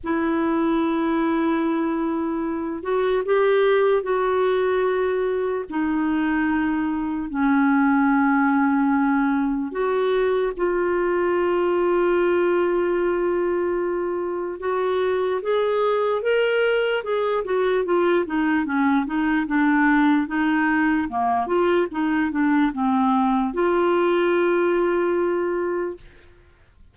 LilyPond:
\new Staff \with { instrumentName = "clarinet" } { \time 4/4 \tempo 4 = 74 e'2.~ e'8 fis'8 | g'4 fis'2 dis'4~ | dis'4 cis'2. | fis'4 f'2.~ |
f'2 fis'4 gis'4 | ais'4 gis'8 fis'8 f'8 dis'8 cis'8 dis'8 | d'4 dis'4 ais8 f'8 dis'8 d'8 | c'4 f'2. | }